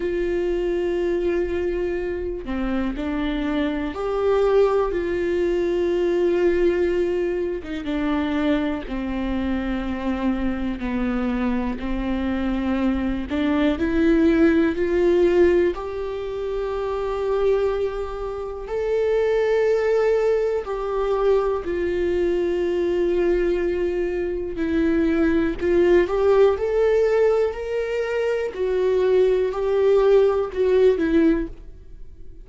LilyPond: \new Staff \with { instrumentName = "viola" } { \time 4/4 \tempo 4 = 61 f'2~ f'8 c'8 d'4 | g'4 f'2~ f'8. dis'16 | d'4 c'2 b4 | c'4. d'8 e'4 f'4 |
g'2. a'4~ | a'4 g'4 f'2~ | f'4 e'4 f'8 g'8 a'4 | ais'4 fis'4 g'4 fis'8 e'8 | }